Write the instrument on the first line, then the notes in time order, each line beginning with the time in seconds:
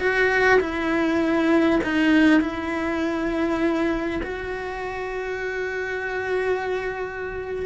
cello
0.00 F#4
0.60 E4
1.84 D#4
2.41 E4
4.23 F#4